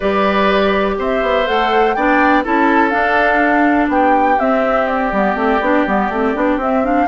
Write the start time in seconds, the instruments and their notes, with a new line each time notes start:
0.00 bassoon G3, clarinet G4, oboe B4, flute D5
0.98 bassoon C4, oboe C5, flute E5
1.22 bassoon B3
1.46 bassoon A3, clarinet A4, flute F#5
1.94 bassoon B3, clarinet D4, oboe D5, flute G5
2.43 bassoon C#4, clarinet E4, oboe A4, flute A5
2.89 clarinet D4, bassoon D4, flute F5
3.88 bassoon B3, oboe G4, flute G5
4.39 bassoon C4, clarinet C4, flute E5
4.87 flute D5
5.12 bassoon G3, clarinet B3
5.35 bassoon A3, clarinet C4
5.60 bassoon B3, clarinet D4
5.86 bassoon G3, clarinet B3
6.09 bassoon A3, clarinet C4
6.35 bassoon B3, clarinet D4
6.57 bassoon C4, clarinet C4, flute E5
6.83 clarinet D4, flute F5